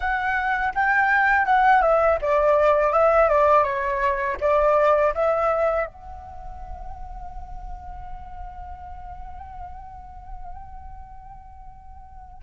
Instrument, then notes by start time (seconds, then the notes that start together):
flute
0.00 F#5
0.74 G5
1.45 F#5
1.82 E5
2.21 D5
2.93 E5
3.29 D5
3.63 C#5
4.40 D5
5.14 E5
5.86 F#5